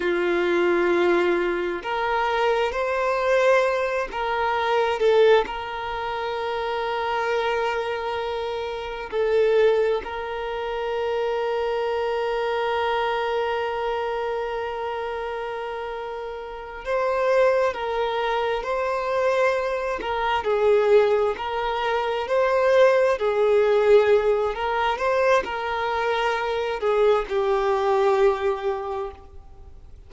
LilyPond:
\new Staff \with { instrumentName = "violin" } { \time 4/4 \tempo 4 = 66 f'2 ais'4 c''4~ | c''8 ais'4 a'8 ais'2~ | ais'2 a'4 ais'4~ | ais'1~ |
ais'2~ ais'8 c''4 ais'8~ | ais'8 c''4. ais'8 gis'4 ais'8~ | ais'8 c''4 gis'4. ais'8 c''8 | ais'4. gis'8 g'2 | }